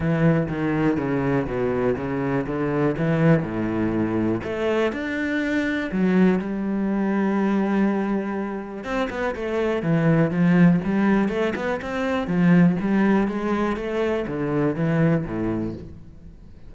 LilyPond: \new Staff \with { instrumentName = "cello" } { \time 4/4 \tempo 4 = 122 e4 dis4 cis4 b,4 | cis4 d4 e4 a,4~ | a,4 a4 d'2 | fis4 g2.~ |
g2 c'8 b8 a4 | e4 f4 g4 a8 b8 | c'4 f4 g4 gis4 | a4 d4 e4 a,4 | }